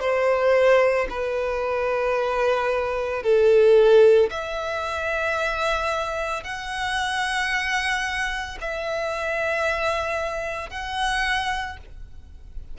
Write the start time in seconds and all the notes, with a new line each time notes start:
0.00 C5
1.09 B4
3.22 A4
4.30 E5
6.43 F#5
8.61 E5
10.69 F#5